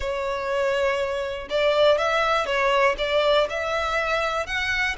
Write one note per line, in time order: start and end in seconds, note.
0.00 1.48 C#5
1.49 1.98 D5
1.98 2.45 E5
2.45 2.95 C#5
2.98 3.47 D5
3.49 4.46 E5
4.46 4.96 F#5